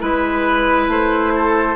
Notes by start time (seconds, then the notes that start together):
0.00 G#3 E4 B4
0.88 A3 C5
1.36 A4